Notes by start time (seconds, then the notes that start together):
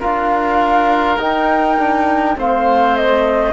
0.00 D4 F4 A#4 F5
1.17 D#4 G5
1.78 D4
2.37 A3 C4 C5 F5
2.96 D#5